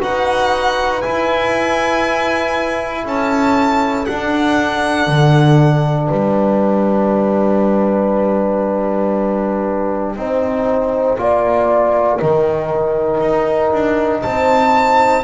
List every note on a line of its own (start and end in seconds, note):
0.00 1.04 D#4
0.00 1.02 F#4
0.00 3.03 B4
0.00 1.01 F#5
1.01 4.07 E4
1.01 3.05 E4
1.01 3.05 G#5
3.03 4.07 C#4
3.03 6.08 A4
3.03 4.05 A5
4.05 10.17 D4
4.05 5.07 D4
4.05 6.07 F#5
5.07 6.09 D3
6.07 10.16 G3
6.07 10.15 B4
6.07 14.20 G5
10.16 11.18 C4
10.16 11.18 D#4
10.16 11.20 C5
11.18 12.20 A#3
11.18 12.19 F4
11.18 12.18 D5
12.18 13.21 D#3
12.18 15.24 D#4
12.18 14.21 A#4
13.21 13.72 D#4
13.72 14.23 D4
14.22 15.24 C4
14.22 15.24 C5
14.22 15.24 A5